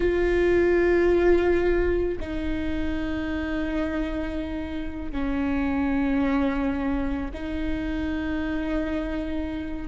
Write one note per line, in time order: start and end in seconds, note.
0.00 2.19 F4
2.20 5.11 D#4
5.11 7.31 C#4
7.33 9.87 D#4